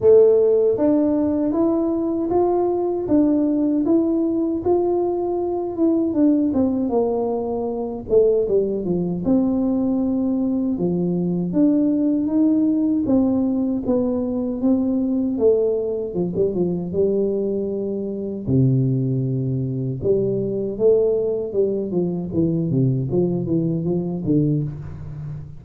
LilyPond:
\new Staff \with { instrumentName = "tuba" } { \time 4/4 \tempo 4 = 78 a4 d'4 e'4 f'4 | d'4 e'4 f'4. e'8 | d'8 c'8 ais4. a8 g8 f8 | c'2 f4 d'4 |
dis'4 c'4 b4 c'4 | a4 f16 g16 f8 g2 | c2 g4 a4 | g8 f8 e8 c8 f8 e8 f8 d8 | }